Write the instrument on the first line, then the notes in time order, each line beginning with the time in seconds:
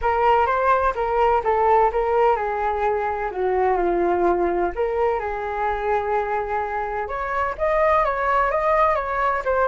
flute
0.01 A#4
0.46 C5
0.95 A#4
1.43 A4
1.91 A#4
2.36 G#4
3.31 F#4
3.77 F4
4.75 A#4
5.19 G#4
7.08 C#5
7.58 D#5
8.04 C#5
8.50 D#5
8.95 C#5
9.44 C5